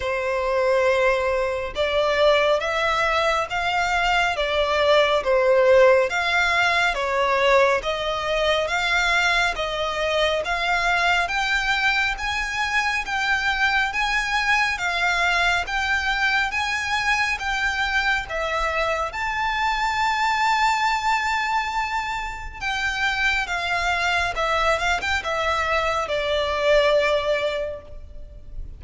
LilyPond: \new Staff \with { instrumentName = "violin" } { \time 4/4 \tempo 4 = 69 c''2 d''4 e''4 | f''4 d''4 c''4 f''4 | cis''4 dis''4 f''4 dis''4 | f''4 g''4 gis''4 g''4 |
gis''4 f''4 g''4 gis''4 | g''4 e''4 a''2~ | a''2 g''4 f''4 | e''8 f''16 g''16 e''4 d''2 | }